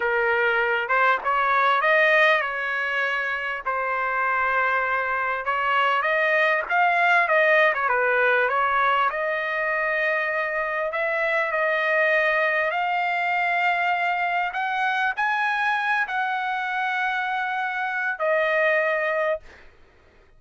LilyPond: \new Staff \with { instrumentName = "trumpet" } { \time 4/4 \tempo 4 = 99 ais'4. c''8 cis''4 dis''4 | cis''2 c''2~ | c''4 cis''4 dis''4 f''4 | dis''8. cis''16 b'4 cis''4 dis''4~ |
dis''2 e''4 dis''4~ | dis''4 f''2. | fis''4 gis''4. fis''4.~ | fis''2 dis''2 | }